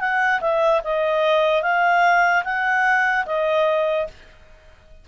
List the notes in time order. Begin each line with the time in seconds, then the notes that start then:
0.00 F#5
0.41 E5
0.84 D#5
1.63 F5
2.45 F#5
3.26 D#5